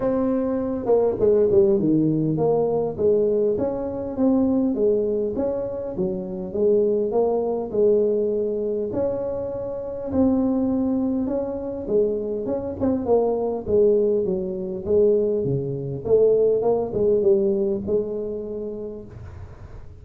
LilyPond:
\new Staff \with { instrumentName = "tuba" } { \time 4/4 \tempo 4 = 101 c'4. ais8 gis8 g8 dis4 | ais4 gis4 cis'4 c'4 | gis4 cis'4 fis4 gis4 | ais4 gis2 cis'4~ |
cis'4 c'2 cis'4 | gis4 cis'8 c'8 ais4 gis4 | fis4 gis4 cis4 a4 | ais8 gis8 g4 gis2 | }